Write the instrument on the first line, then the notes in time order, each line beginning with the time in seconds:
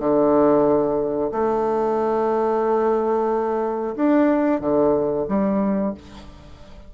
bassoon
0.00 D3
1.32 A3
3.96 D4
4.61 D3
5.29 G3